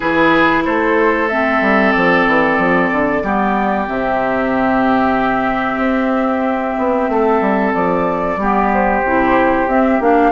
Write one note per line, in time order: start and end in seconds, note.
0.00 0.65 E3
0.00 1.29 E4
0.00 0.63 G#4
0.00 0.63 B4
0.64 1.61 A3
0.64 3.23 A4
0.64 1.28 C5
1.28 3.23 C4
1.28 1.91 E5
1.61 1.93 G3
1.91 2.27 F3
1.91 3.85 D5
2.27 2.58 E3
2.58 2.90 F3
2.91 3.23 D3
3.23 3.87 G3
3.23 3.86 B3
3.23 7.10 G4
3.86 5.77 C3
3.86 8.38 C4
3.86 7.74 E5
5.77 6.74 C4
6.78 7.08 B3
7.08 7.40 A3
7.08 8.40 A4
7.40 7.73 G3
7.74 8.36 F3
7.74 8.70 D5
8.36 9.01 G3
8.36 9.04 B3
8.36 10.31 G4
8.73 9.69 C5
9.04 9.67 C3
9.04 9.68 E4
9.67 9.99 C4
9.67 10.00 C4
9.67 10.01 E5
9.99 10.31 A#3
9.99 10.31 D4
9.99 10.31 F5